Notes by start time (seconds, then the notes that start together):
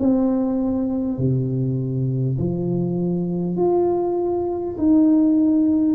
0.00 C4
1.18 C3
2.39 F3
3.57 F4
4.78 D#4